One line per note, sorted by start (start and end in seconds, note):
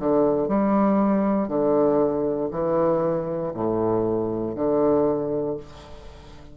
0.00 0.49 D3
0.49 1.48 G3
1.48 2.50 D3
2.51 3.53 E3
3.54 4.55 A2
4.55 5.57 D3